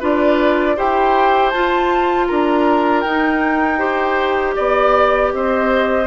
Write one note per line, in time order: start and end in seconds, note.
0.00 0.78 D4
0.00 0.77 F4
0.00 0.76 B4
0.00 0.79 D5
0.76 1.53 E4
0.76 1.53 G4
0.76 2.28 C5
0.76 1.50 G5
1.50 2.29 F4
1.50 3.06 F4
1.50 2.26 A5
2.27 3.05 D4
2.27 3.79 A#4
2.27 3.01 A#5
3.01 4.56 D#4
3.01 3.78 D#4
3.01 4.53 G5
3.78 6.06 G4
3.78 4.55 C5
4.56 5.33 B3
4.56 5.32 D5
5.33 6.07 C4
5.33 6.07 C5
5.33 6.07 D#5